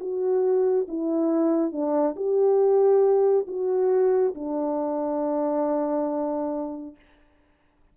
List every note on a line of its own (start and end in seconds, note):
0.00 0.87 F#4
0.88 1.72 E4
1.72 2.15 D4
2.16 3.47 G4
3.47 4.34 F#4
4.35 6.96 D4